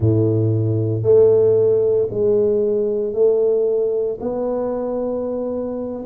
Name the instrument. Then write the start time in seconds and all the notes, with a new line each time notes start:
tuba
0.00 A2
1.02 A3
2.10 G#3
3.13 A3
4.20 B3